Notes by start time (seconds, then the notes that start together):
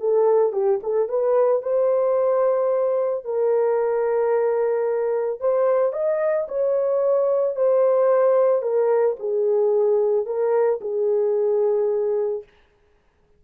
0.00 A4
0.53 G4
0.84 A4
1.09 B4
1.63 C5
3.25 A#4
5.41 C5
5.93 D#5
6.48 C#5
7.56 C5
8.63 A#4
9.20 G#4
10.26 A#4
10.81 G#4